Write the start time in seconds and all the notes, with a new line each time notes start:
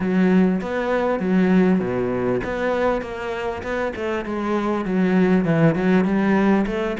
0.00 F#3
0.61 B3
1.19 F#3
1.80 B2
2.44 B3
3.01 A#3
3.62 B3
3.96 A3
4.25 G#3
4.85 F#3
5.45 E3
5.75 F#3
6.04 G3
6.66 A3